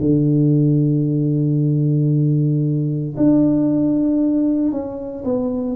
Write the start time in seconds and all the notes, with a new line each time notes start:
0.00 D3
3.17 D4
4.72 C#4
5.25 B3